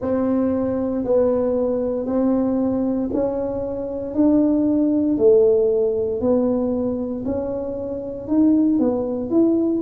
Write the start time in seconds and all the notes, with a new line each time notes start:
0.01 C4
1.04 B3
2.06 C4
3.13 C#4
4.14 D4
5.17 A3
6.21 B3
7.25 C#4
8.28 D#4
8.79 B3
9.30 E4